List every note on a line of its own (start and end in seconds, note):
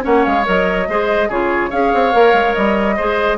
0.00 0.26 A#3
0.00 0.42 C#4
0.00 0.88 C#5
0.00 0.24 F#5
0.24 0.47 G#3
0.24 0.45 F5
0.44 0.88 F#3
0.44 0.86 A#4
0.44 1.31 D#5
0.88 1.29 G#3
0.88 1.30 G#4
0.88 1.28 C5
1.28 1.71 C#3
1.28 1.71 F4
1.28 1.70 G#4
1.28 1.71 C#5
1.70 1.93 C#4
1.70 2.13 G#4
1.70 2.96 C#5
1.70 2.54 F5
1.94 2.15 C4
2.13 2.33 A#3
2.13 2.97 A#4
2.33 2.54 G#3
2.54 2.99 G3
2.54 3.38 D#5
2.97 3.38 G#3
2.97 3.38 G#4
2.97 3.38 C5